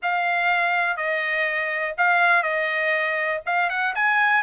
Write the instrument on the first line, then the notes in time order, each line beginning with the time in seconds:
trumpet
0.02 F5
0.96 D#5
1.97 F5
2.42 D#5
3.46 F5
3.69 F#5
3.95 G#5